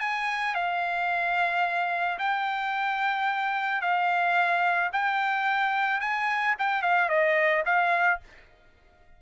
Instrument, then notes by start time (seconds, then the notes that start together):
trumpet
0.00 G#5
0.55 F5
2.19 G5
3.81 F5
4.93 G5
6.01 G#5
6.59 G5
6.82 F5
7.09 D#5
7.66 F5